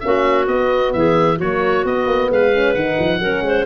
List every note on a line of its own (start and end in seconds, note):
0.00 0.47 A#3
0.00 0.47 C#4
0.00 0.96 F#4
0.00 0.45 E5
0.47 0.93 B3
0.47 1.39 B3
0.47 0.93 D#5
0.93 1.40 E3
0.93 1.38 G#4
0.93 1.38 E5
1.38 1.84 F#3
1.38 1.86 A#3
1.38 2.29 F#4
1.38 1.86 C#5
1.84 2.07 B3
1.84 2.53 B3
1.84 2.31 D#5
2.07 2.29 A#3
2.31 2.75 G#3
2.31 3.21 B4
2.31 2.74 F5
2.53 2.76 C#4
2.74 2.98 D#3
2.74 3.21 D#4
2.74 3.65 F#5
2.99 3.20 F3
3.20 3.41 F#3
3.20 3.66 C#4
3.20 3.44 A#4
3.41 3.64 G#3
3.41 3.66 C5